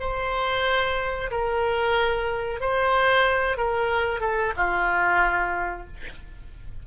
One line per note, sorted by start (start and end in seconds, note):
0.00 1.30 C5
1.31 2.60 A#4
2.60 3.57 C5
3.57 4.20 A#4
4.20 4.53 A4
4.57 5.87 F4